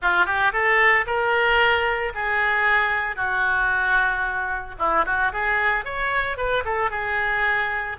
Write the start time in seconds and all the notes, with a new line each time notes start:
0.02 F4
0.25 G4
0.52 A4
1.06 A#4
2.14 G#4
3.16 F#4
4.78 E4
5.05 F#4
5.32 G#4
5.84 C#5
6.37 B4
6.64 A4
6.90 G#4